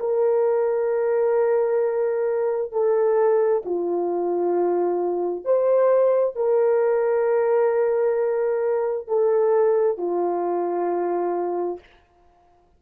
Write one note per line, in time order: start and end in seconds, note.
0.00 2.72 A#4
2.72 3.63 A4
3.66 5.45 F4
5.45 6.36 C5
6.36 9.08 A#4
9.08 9.98 A4
9.98 11.80 F4